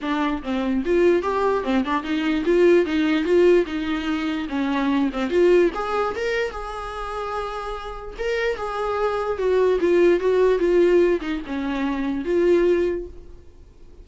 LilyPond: \new Staff \with { instrumentName = "viola" } { \time 4/4 \tempo 4 = 147 d'4 c'4 f'4 g'4 | c'8 d'8 dis'4 f'4 dis'4 | f'4 dis'2 cis'4~ | cis'8 c'8 f'4 gis'4 ais'4 |
gis'1 | ais'4 gis'2 fis'4 | f'4 fis'4 f'4. dis'8 | cis'2 f'2 | }